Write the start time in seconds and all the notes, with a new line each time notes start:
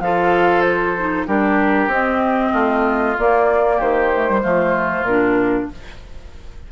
0.00 F3 F4 A4 F5
0.61 C5
0.98 D#4
1.27 G3 D4 G4 A#4
1.87 C4 D#5
2.52 A3 F4
3.17 A#3 D5
3.76 D#3 G4 C5
4.13 A3
4.28 G3
4.42 F3 A3 F4
5.01 A#2 A#4
5.08 D4